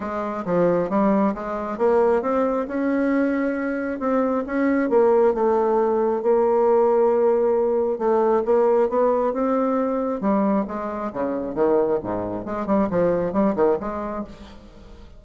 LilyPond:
\new Staff \with { instrumentName = "bassoon" } { \time 4/4 \tempo 4 = 135 gis4 f4 g4 gis4 | ais4 c'4 cis'2~ | cis'4 c'4 cis'4 ais4 | a2 ais2~ |
ais2 a4 ais4 | b4 c'2 g4 | gis4 cis4 dis4 gis,4 | gis8 g8 f4 g8 dis8 gis4 | }